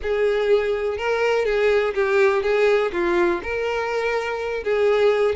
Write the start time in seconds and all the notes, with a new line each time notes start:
0.02 G#4
0.97 A#4
1.45 G#4
1.94 G4
2.42 G#4
2.92 F4
3.42 A#4
4.63 G#4